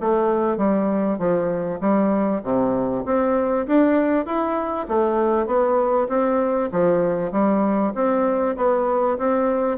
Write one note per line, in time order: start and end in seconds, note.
0.00 0.57 A3
0.57 1.18 G3
1.18 1.79 F3
1.80 2.41 G3
2.43 3.04 C3
3.05 3.67 C4
3.67 4.26 D4
4.26 4.87 E4
4.88 5.46 A3
5.46 6.08 B3
6.08 6.69 C4
6.72 7.32 F3
7.32 7.93 G3
7.95 8.56 C4
8.56 9.17 B3
9.18 9.78 C4